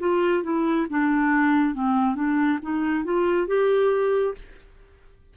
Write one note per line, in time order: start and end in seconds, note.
0.00 0.43 F4
0.43 0.87 E4
0.90 1.75 D4
1.75 2.15 C4
2.15 2.59 D4
2.62 3.05 D#4
3.05 3.47 F4
3.47 4.34 G4